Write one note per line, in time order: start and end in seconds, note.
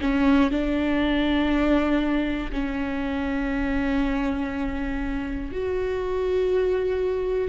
0.00 0.50 C#4
0.50 2.50 D4
2.52 5.51 C#4
5.51 7.49 F#4